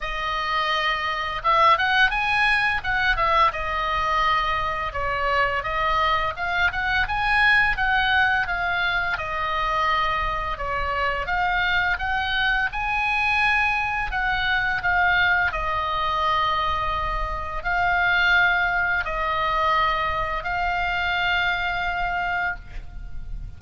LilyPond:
\new Staff \with { instrumentName = "oboe" } { \time 4/4 \tempo 4 = 85 dis''2 e''8 fis''8 gis''4 | fis''8 e''8 dis''2 cis''4 | dis''4 f''8 fis''8 gis''4 fis''4 | f''4 dis''2 cis''4 |
f''4 fis''4 gis''2 | fis''4 f''4 dis''2~ | dis''4 f''2 dis''4~ | dis''4 f''2. | }